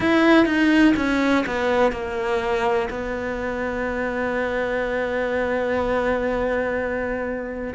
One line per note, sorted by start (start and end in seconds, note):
0.00 0.45 E4
0.45 0.94 D#4
0.96 1.45 C#4
1.46 1.91 B3
1.91 2.88 A#3
2.90 7.74 B3